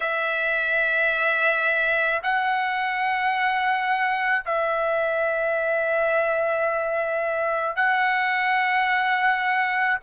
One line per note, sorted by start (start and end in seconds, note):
0.00 2.21 E5
2.22 4.44 F#5
4.45 7.75 E5
7.75 9.97 F#5